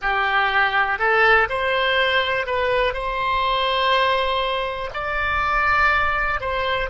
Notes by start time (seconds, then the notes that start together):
0.01 G4
0.98 A4
1.49 C5
2.46 B4
2.93 C5
4.93 D5
6.40 C5